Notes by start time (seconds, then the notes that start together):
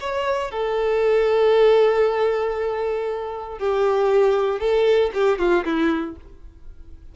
0.00 C#5
0.51 A4
3.58 G4
4.60 A4
5.14 G4
5.38 F4
5.64 E4